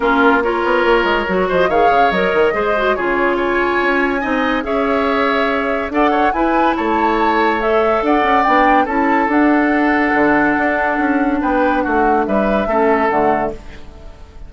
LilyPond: <<
  \new Staff \with { instrumentName = "flute" } { \time 4/4 \tempo 4 = 142 ais'4 cis''2~ cis''8 dis''8 | f''4 dis''2 cis''4 | gis''2. e''4~ | e''2 fis''4 gis''4 |
a''2 e''4 fis''4 | g''4 a''4 fis''2~ | fis''2. g''4 | fis''4 e''2 fis''4 | }
  \new Staff \with { instrumentName = "oboe" } { \time 4/4 f'4 ais'2~ ais'8 c''8 | cis''2 c''4 gis'4 | cis''2 dis''4 cis''4~ | cis''2 d''8 cis''8 b'4 |
cis''2. d''4~ | d''4 a'2.~ | a'2. b'4 | fis'4 b'4 a'2 | }
  \new Staff \with { instrumentName = "clarinet" } { \time 4/4 cis'4 f'2 fis'4 | gis'4 ais'4 gis'8 fis'8 f'4~ | f'2 dis'4 gis'4~ | gis'2 a'4 e'4~ |
e'2 a'2 | d'4 e'4 d'2~ | d'1~ | d'2 cis'4 a4 | }
  \new Staff \with { instrumentName = "bassoon" } { \time 4/4 ais4. b8 ais8 gis8 fis8 f8 | dis8 cis8 fis8 dis8 gis4 cis4~ | cis4 cis'4 c'4 cis'4~ | cis'2 d'4 e'4 |
a2. d'8 cis'8 | b4 cis'4 d'2 | d4 d'4 cis'4 b4 | a4 g4 a4 d4 | }
>>